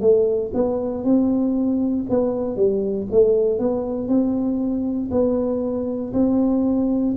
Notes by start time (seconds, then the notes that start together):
0.00 A3
0.53 B3
1.04 C4
2.09 B3
2.56 G3
3.11 A3
3.59 B3
4.08 C4
5.11 B3
6.13 C4